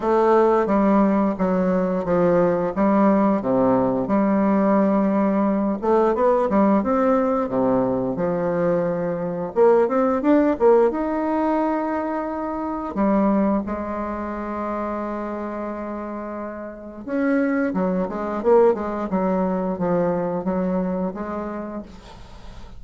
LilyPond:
\new Staff \with { instrumentName = "bassoon" } { \time 4/4 \tempo 4 = 88 a4 g4 fis4 f4 | g4 c4 g2~ | g8 a8 b8 g8 c'4 c4 | f2 ais8 c'8 d'8 ais8 |
dis'2. g4 | gis1~ | gis4 cis'4 fis8 gis8 ais8 gis8 | fis4 f4 fis4 gis4 | }